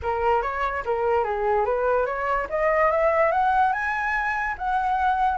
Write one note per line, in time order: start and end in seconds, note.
0.02 0.42 A#4
0.42 0.83 C#5
0.85 1.24 A#4
1.24 1.65 G#4
1.65 2.05 B4
2.05 2.47 C#5
2.49 2.91 D#5
2.91 3.31 E5
3.31 3.72 F#5
3.72 4.55 G#5
4.57 5.37 F#5